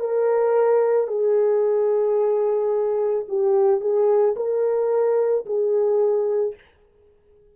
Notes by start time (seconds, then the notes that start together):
0.00 A#4
1.08 G#4
3.28 G4
3.81 G#4
4.36 A#4
5.46 G#4